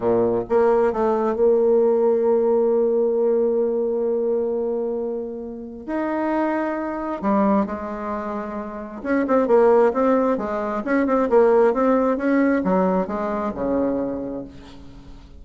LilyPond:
\new Staff \with { instrumentName = "bassoon" } { \time 4/4 \tempo 4 = 133 ais,4 ais4 a4 ais4~ | ais1~ | ais1~ | ais4 dis'2. |
g4 gis2. | cis'8 c'8 ais4 c'4 gis4 | cis'8 c'8 ais4 c'4 cis'4 | fis4 gis4 cis2 | }